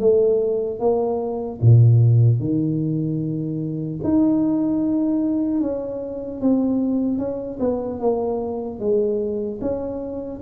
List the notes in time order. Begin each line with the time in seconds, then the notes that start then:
0.00 A3
0.80 A#3
1.61 A#2
2.40 D#3
4.04 D#4
5.61 C#4
6.41 C4
7.19 C#4
7.60 B3
8.00 A#3
8.80 G#3
9.61 C#4